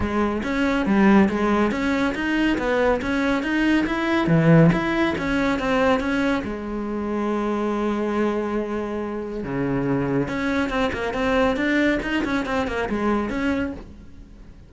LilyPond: \new Staff \with { instrumentName = "cello" } { \time 4/4 \tempo 4 = 140 gis4 cis'4 g4 gis4 | cis'4 dis'4 b4 cis'4 | dis'4 e'4 e4 e'4 | cis'4 c'4 cis'4 gis4~ |
gis1~ | gis2 cis2 | cis'4 c'8 ais8 c'4 d'4 | dis'8 cis'8 c'8 ais8 gis4 cis'4 | }